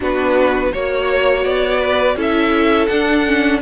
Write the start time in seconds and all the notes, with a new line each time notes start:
0.00 B3 D4 F#4 B4
0.72 A#3 F#4 C#5
1.44 B3 D5
1.79 B4
2.15 C#4 E4 A4 E5
2.87 D4 F#5
3.25 C#4